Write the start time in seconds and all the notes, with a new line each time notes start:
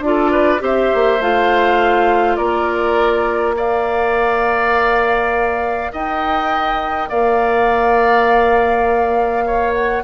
0.00 D4 F4 D5
0.08 A4
0.32 B4
0.60 C4 G4 C5 E5
0.95 A#3
1.20 A3 F4 F5
2.36 A#3 A#4 D5
3.55 A#4 D5 F5
5.93 D#4 D#5 G5
7.10 A#3 D5 F5
9.47 C#5
9.74 F#5